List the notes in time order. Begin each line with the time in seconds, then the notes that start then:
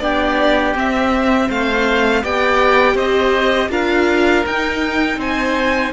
0.00 B3 D4 G4 D5
0.75 C4 E5
1.48 A3 C5 F5
2.23 B3 G4 D5 G5
2.95 C4 C5 D#5
3.70 D4 F4 A#4 F5
4.46 D#4 G5
5.17 C4 C5 G#5